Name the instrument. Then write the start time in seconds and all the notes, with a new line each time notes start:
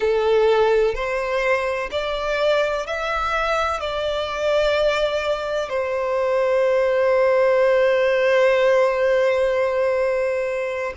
violin
0.00 A4
0.94 C5
1.90 D5
2.86 E5
3.80 D5
5.69 C5